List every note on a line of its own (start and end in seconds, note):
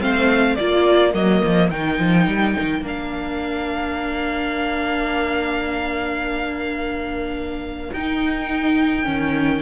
0.00 0.58 A3
0.00 0.57 C4
0.00 0.57 C5
0.00 0.55 F5
0.55 1.14 A#3
0.55 1.14 F4
0.55 9.62 A#4
0.55 1.12 D5
1.14 1.42 F#3
1.14 1.70 A#3
1.14 1.70 D#5
1.44 1.71 F3
1.70 1.99 D#3
1.70 2.83 D#4
1.70 2.83 G5
1.99 2.27 F3
2.27 2.55 G3
2.60 2.81 D#3
2.81 7.91 A#3
2.81 7.92 D4
2.88 7.93 F5
7.93 9.06 D#4
7.93 9.04 D#4
7.93 9.62 G5
9.04 9.62 D#3
9.04 9.61 C#4